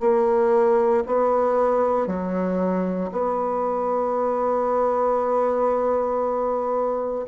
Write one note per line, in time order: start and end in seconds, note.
0.00 1.03 A#3
1.06 2.07 B3
2.07 3.10 F#3
3.12 7.26 B3